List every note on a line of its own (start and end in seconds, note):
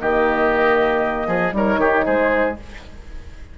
0.00 1.27 D#3
0.00 1.53 A#3
0.00 1.28 G4
0.00 1.54 D#5
1.27 1.52 F3
1.27 1.53 G#4
1.52 1.77 G3
1.52 2.56 D#4
1.52 1.80 A#4
1.52 2.05 C#5
1.77 2.03 D#3
1.77 2.05 G4
2.05 2.58 G#3
2.05 2.57 G#4
2.05 2.57 C5